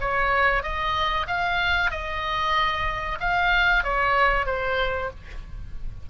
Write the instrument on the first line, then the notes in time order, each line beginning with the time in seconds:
oboe
0.00 C#5
0.62 D#5
1.27 F5
1.90 D#5
3.20 F5
3.83 C#5
4.46 C5